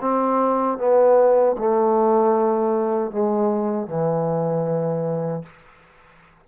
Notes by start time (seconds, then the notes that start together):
0.00 C4
0.78 B3
1.58 A3
3.11 G#3
3.87 E3